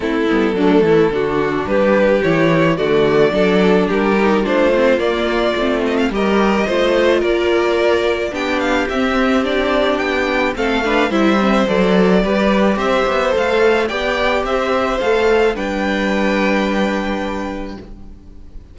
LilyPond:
<<
  \new Staff \with { instrumentName = "violin" } { \time 4/4 \tempo 4 = 108 a'2. b'4 | cis''4 d''2 ais'4 | c''4 d''4. dis''16 f''16 dis''4~ | dis''4 d''2 g''8 f''8 |
e''4 d''4 g''4 f''4 | e''4 d''2 e''4 | f''4 g''4 e''4 f''4 | g''1 | }
  \new Staff \with { instrumentName = "violin" } { \time 4/4 e'4 d'8 e'8 fis'4 g'4~ | g'4 fis'4 a'4 g'4 | f'2. ais'4 | c''4 ais'2 g'4~ |
g'2. a'8 b'8 | c''2 b'4 c''4~ | c''4 d''4 c''2 | b'1 | }
  \new Staff \with { instrumentName = "viola" } { \time 4/4 c'8 b8 a4 d'2 | e'4 a4 d'4. dis'8 | d'8 c'8 ais4 c'4 g'4 | f'2. d'4 |
c'4 d'2 c'8 d'8 | e'8 c'8 a'4 g'2 | a'4 g'2 a'4 | d'1 | }
  \new Staff \with { instrumentName = "cello" } { \time 4/4 a8 g8 fis8 e8 d4 g4 | e4 d4 fis4 g4 | a4 ais4 a4 g4 | a4 ais2 b4 |
c'2 b4 a4 | g4 fis4 g4 c'8 b8 | a4 b4 c'4 a4 | g1 | }
>>